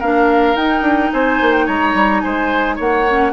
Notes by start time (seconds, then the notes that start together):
0.00 A#3 D4 A#4 F5
0.55 D#4 G5
0.82 D4
1.13 C4 C5 G#5
1.41 A#3
1.53 G5
1.66 G#3 C#5 A#5
1.94 G3
2.21 G#3 C5 G#5
2.76 A#3 C#5 F#5
3.08 C#4